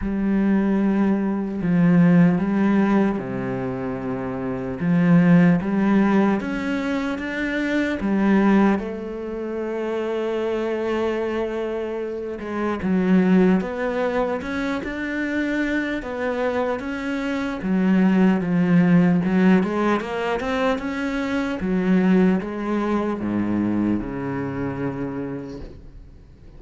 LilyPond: \new Staff \with { instrumentName = "cello" } { \time 4/4 \tempo 4 = 75 g2 f4 g4 | c2 f4 g4 | cis'4 d'4 g4 a4~ | a2.~ a8 gis8 |
fis4 b4 cis'8 d'4. | b4 cis'4 fis4 f4 | fis8 gis8 ais8 c'8 cis'4 fis4 | gis4 gis,4 cis2 | }